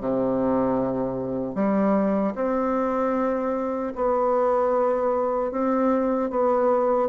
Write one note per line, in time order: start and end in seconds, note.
0.00 1.55 C3
1.55 2.34 G3
2.35 3.93 C4
3.95 5.51 B3
5.51 6.30 C4
6.30 7.09 B3